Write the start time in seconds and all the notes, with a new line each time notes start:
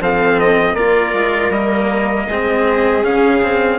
0.00 F3 C4 A4 F5
0.40 D#5
0.74 A#3 F4 A#4 D5
1.13 G#3
1.50 G3 A#3 D#5
2.27 G#3 C4 G#4
3.03 C#3 C#4 F5
3.42 C4